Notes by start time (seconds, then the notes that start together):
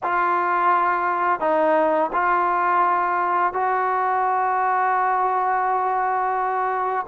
0.03 F4
1.39 D#4
2.12 F4
3.53 F#4